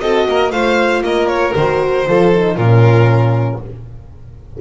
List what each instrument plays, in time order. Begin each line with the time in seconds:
0.00 double bass C4, horn F#4, violin A4 D#5
0.28 double bass A#3, violin A#4
0.51 double bass A3, horn F4, violin C5 F5
1.01 double bass A#3, violin A#4 D#5
1.28 violin C#5
1.56 double bass D#3, horn F#4, violin C5
2.07 double bass F3, horn F4, violin A4
2.33 horn D#4
2.56 double bass A#2, horn C#4, violin F4 A#4